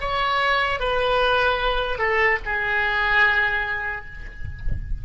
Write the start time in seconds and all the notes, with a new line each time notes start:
0.00 C#5
0.79 B4
1.98 A4
2.45 G#4